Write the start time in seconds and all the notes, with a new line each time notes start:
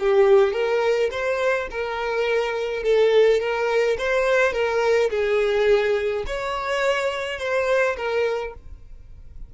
0.00 G4
0.53 A#4
1.11 C5
1.71 A#4
2.83 A4
3.40 A#4
3.98 C5
4.53 A#4
5.11 G#4
6.27 C#5
7.39 C5
7.97 A#4